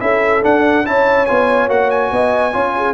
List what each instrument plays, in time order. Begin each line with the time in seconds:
0.00 tuba C#4, trombone E4, horn A4, trumpet E5
0.42 trombone D4, tuba D4, trumpet F#5
0.84 tuba C#4, trombone E4, horn C#5, trumpet A5
1.26 tuba B3, trombone F4, trumpet G#5
1.68 tuba A#3, trombone F#4, trumpet F#5
1.90 trumpet G#5
2.12 tuba B3, horn D#5
2.53 tuba C#4, trombone F4, horn C#5
2.77 horn G#4